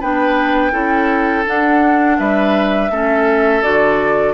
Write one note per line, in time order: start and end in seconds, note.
0.00 0.72 B3
0.00 0.72 D4
0.00 0.72 B4
0.00 1.46 G5
0.72 1.45 C#4
0.72 1.44 E4
0.72 2.17 A4
1.46 2.91 D4
1.46 2.19 D4
1.46 2.19 F#5
2.19 2.90 G3
2.19 2.91 B4
2.19 3.62 E5
2.90 3.62 A3
2.90 3.62 C#4
2.90 4.34 A4
3.62 4.34 D3
3.62 4.34 F#4
3.62 4.34 D5